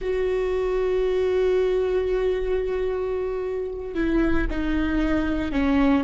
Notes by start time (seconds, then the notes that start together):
0.01 F#4
3.94 E4
4.50 D#4
5.51 C#4